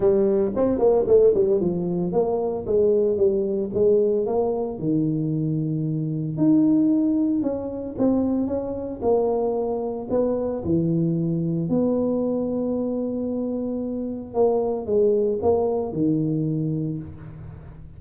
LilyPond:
\new Staff \with { instrumentName = "tuba" } { \time 4/4 \tempo 4 = 113 g4 c'8 ais8 a8 g8 f4 | ais4 gis4 g4 gis4 | ais4 dis2. | dis'2 cis'4 c'4 |
cis'4 ais2 b4 | e2 b2~ | b2. ais4 | gis4 ais4 dis2 | }